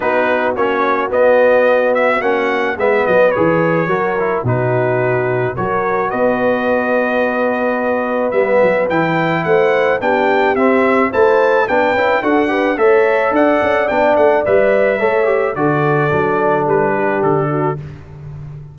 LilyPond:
<<
  \new Staff \with { instrumentName = "trumpet" } { \time 4/4 \tempo 4 = 108 b'4 cis''4 dis''4. e''8 | fis''4 e''8 dis''8 cis''2 | b'2 cis''4 dis''4~ | dis''2. e''4 |
g''4 fis''4 g''4 e''4 | a''4 g''4 fis''4 e''4 | fis''4 g''8 fis''8 e''2 | d''2 b'4 a'4 | }
  \new Staff \with { instrumentName = "horn" } { \time 4/4 fis'1~ | fis'4 b'2 ais'4 | fis'2 ais'4 b'4~ | b'1~ |
b'4 c''4 g'2 | c''4 b'4 a'8 b'8 cis''4 | d''2. cis''4 | a'2~ a'8 g'4 fis'8 | }
  \new Staff \with { instrumentName = "trombone" } { \time 4/4 dis'4 cis'4 b2 | cis'4 b4 gis'4 fis'8 e'8 | dis'2 fis'2~ | fis'2. b4 |
e'2 d'4 c'4 | e'4 d'8 e'8 fis'8 g'8 a'4~ | a'4 d'4 b'4 a'8 g'8 | fis'4 d'2. | }
  \new Staff \with { instrumentName = "tuba" } { \time 4/4 b4 ais4 b2 | ais4 gis8 fis8 e4 fis4 | b,2 fis4 b4~ | b2. g8 fis8 |
e4 a4 b4 c'4 | a4 b8 cis'8 d'4 a4 | d'8 cis'8 b8 a8 g4 a4 | d4 fis4 g4 d4 | }
>>